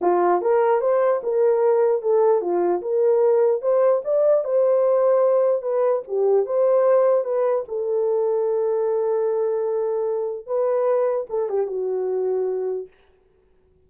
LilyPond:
\new Staff \with { instrumentName = "horn" } { \time 4/4 \tempo 4 = 149 f'4 ais'4 c''4 ais'4~ | ais'4 a'4 f'4 ais'4~ | ais'4 c''4 d''4 c''4~ | c''2 b'4 g'4 |
c''2 b'4 a'4~ | a'1~ | a'2 b'2 | a'8 g'8 fis'2. | }